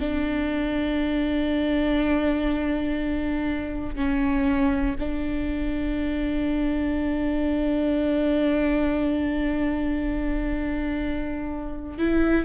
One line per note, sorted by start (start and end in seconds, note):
0.00 3.95 D4
3.95 4.95 C#4
4.99 11.98 D4
11.98 12.45 E4